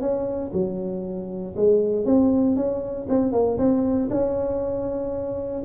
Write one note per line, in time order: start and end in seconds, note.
0.00 0.51 C#4
0.53 1.54 F#3
1.56 2.05 G#3
2.05 2.56 C4
2.56 3.06 C#4
3.09 3.32 C4
3.32 3.57 A#3
3.58 4.09 C4
4.10 5.62 C#4